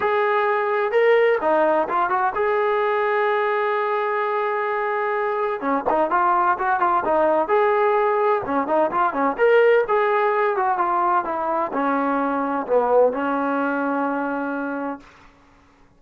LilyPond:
\new Staff \with { instrumentName = "trombone" } { \time 4/4 \tempo 4 = 128 gis'2 ais'4 dis'4 | f'8 fis'8 gis'2.~ | gis'1 | cis'8 dis'8 f'4 fis'8 f'8 dis'4 |
gis'2 cis'8 dis'8 f'8 cis'8 | ais'4 gis'4. fis'8 f'4 | e'4 cis'2 b4 | cis'1 | }